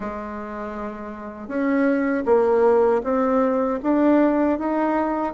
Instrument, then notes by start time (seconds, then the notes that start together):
bassoon
0.00 G#3
1.48 C#4
2.25 A#3
3.03 C4
3.83 D4
4.58 D#4